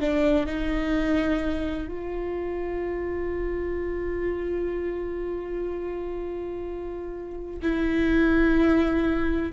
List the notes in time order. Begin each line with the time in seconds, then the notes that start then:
0.00 D4
0.45 D#4
1.88 F4
7.62 E4